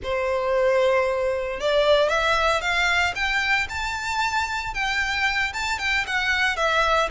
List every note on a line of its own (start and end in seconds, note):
0.03 1.60 C5
1.60 2.09 D5
2.09 2.61 E5
2.61 3.14 F5
3.15 3.67 G5
3.69 4.74 A5
4.74 5.53 G5
5.53 5.78 A5
5.78 6.05 G5
6.06 6.56 F#5
6.56 7.08 E5